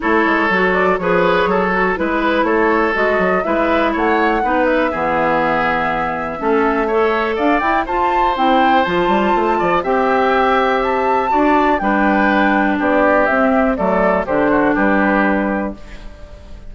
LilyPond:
<<
  \new Staff \with { instrumentName = "flute" } { \time 4/4 \tempo 4 = 122 cis''4. d''8 cis''2 | b'4 cis''4 dis''4 e''4 | fis''4. e''2~ e''8~ | e''2. f''8 g''8 |
a''4 g''4 a''2 | g''2 a''2 | g''2 d''4 e''4 | d''4 c''4 b'2 | }
  \new Staff \with { instrumentName = "oboe" } { \time 4/4 a'2 b'4 a'4 | b'4 a'2 b'4 | cis''4 b'4 gis'2~ | gis'4 a'4 cis''4 d''4 |
c''2.~ c''8 d''8 | e''2. d''4 | b'2 g'2 | a'4 g'8 fis'8 g'2 | }
  \new Staff \with { instrumentName = "clarinet" } { \time 4/4 e'4 fis'4 gis'4. fis'8 | e'2 fis'4 e'4~ | e'4 dis'4 b2~ | b4 cis'4 a'4. e'8 |
f'4 e'4 f'2 | g'2. fis'4 | d'2. c'4 | a4 d'2. | }
  \new Staff \with { instrumentName = "bassoon" } { \time 4/4 a8 gis8 fis4 f4 fis4 | gis4 a4 gis8 fis8 gis4 | a4 b4 e2~ | e4 a2 d'8 e'8 |
f'4 c'4 f8 g8 a8 f8 | c'2. d'4 | g2 b4 c'4 | fis4 d4 g2 | }
>>